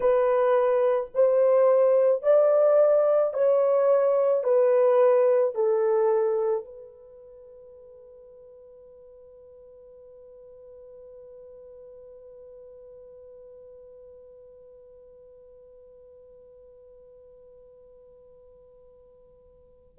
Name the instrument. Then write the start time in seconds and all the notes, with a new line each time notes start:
horn
0.00 B4
1.14 C5
2.22 D5
3.33 C#5
4.43 B4
5.55 A4
6.65 B4